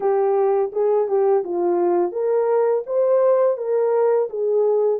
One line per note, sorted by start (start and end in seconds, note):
0.00 0.71 G4
0.72 1.07 G#4
1.07 1.43 G4
1.44 2.12 F4
2.12 2.83 A#4
2.86 3.57 C5
3.57 4.28 A#4
4.29 5.00 G#4